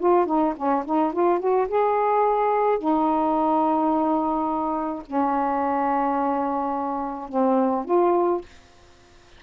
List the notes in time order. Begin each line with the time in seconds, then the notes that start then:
0.00 F4
0.27 D#4
0.57 C#4
0.86 D#4
1.13 F4
1.40 F#4
1.68 G#4
2.79 D#4
5.06 C#4
7.29 C4
7.85 F4